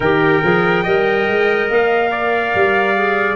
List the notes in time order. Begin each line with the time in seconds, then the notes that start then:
0.00 D#3 G4 A#4 G5
0.43 F3 G#4
0.83 G3 A#4 D#5
1.27 G#3
1.69 A#3 F5
2.11 D5
2.54 G3
2.95 G#4